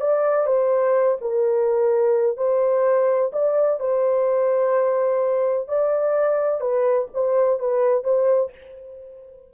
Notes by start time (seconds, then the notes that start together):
0.00 D5
0.46 C5
1.20 A#4
2.36 C5
3.32 D5
3.79 C5
5.68 D5
6.60 B4
7.13 C5
7.59 B4
8.04 C5